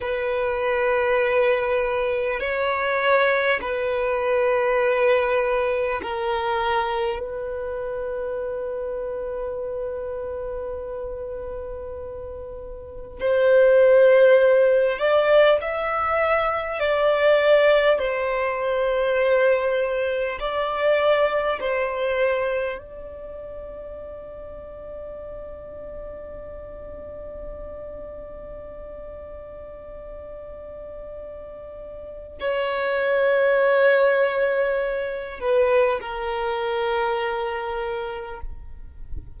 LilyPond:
\new Staff \with { instrumentName = "violin" } { \time 4/4 \tempo 4 = 50 b'2 cis''4 b'4~ | b'4 ais'4 b'2~ | b'2. c''4~ | c''8 d''8 e''4 d''4 c''4~ |
c''4 d''4 c''4 d''4~ | d''1~ | d''2. cis''4~ | cis''4. b'8 ais'2 | }